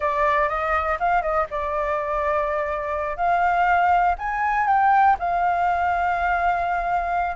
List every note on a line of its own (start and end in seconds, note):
0.00 0.48 D5
0.48 0.97 D#5
0.99 1.21 F5
1.21 1.46 D#5
1.50 3.16 D5
3.16 4.15 F5
4.18 4.67 G#5
4.67 5.16 G5
5.19 7.36 F5